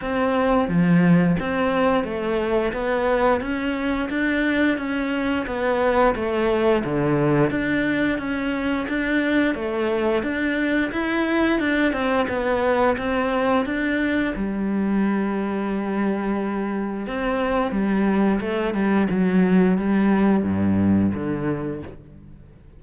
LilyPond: \new Staff \with { instrumentName = "cello" } { \time 4/4 \tempo 4 = 88 c'4 f4 c'4 a4 | b4 cis'4 d'4 cis'4 | b4 a4 d4 d'4 | cis'4 d'4 a4 d'4 |
e'4 d'8 c'8 b4 c'4 | d'4 g2.~ | g4 c'4 g4 a8 g8 | fis4 g4 g,4 d4 | }